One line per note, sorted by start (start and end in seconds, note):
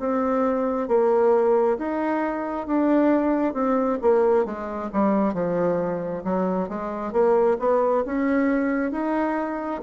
0.00 0.88 C4
0.88 1.78 A#3
1.78 2.67 D#4
2.67 3.54 D4
3.54 3.99 C4
4.02 4.46 A#3
4.46 4.91 G#3
4.93 5.34 G3
5.34 6.23 F3
6.24 6.69 F#3
6.69 7.13 G#3
7.13 7.58 A#3
7.60 8.04 B3
8.06 8.92 C#4
8.92 9.81 D#4